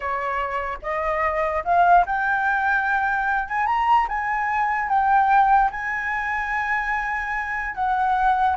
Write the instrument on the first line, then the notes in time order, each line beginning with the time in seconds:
flute
0.00 C#5
0.82 D#5
1.64 F5
2.06 G5
3.48 G#5
3.66 A#5
4.08 G#5
4.88 G5
5.71 G#5
7.74 F#5